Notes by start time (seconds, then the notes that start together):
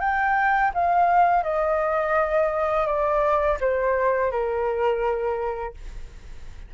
0.00 G5
0.74 F5
1.44 D#5
2.86 D5
3.60 C5
4.31 A#4